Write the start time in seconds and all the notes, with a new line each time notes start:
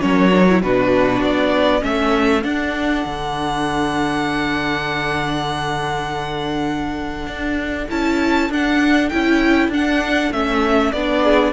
0.00 F#3 C#4 A#4 C#5
0.32 D4
0.49 E4
0.62 B2 D4 F#4 B4
1.22 B3 D5
1.81 A3 C#4 A4 E5
2.43 D4 F#5
3.06 D3
7.27 D4
7.90 C#4 E4 A5
8.50 D4 F#5
9.09 C#4 E4 G5
9.69 D4 F#5
10.32 A3 C#4 E5
10.92 B3 D4 D5
11.23 G#4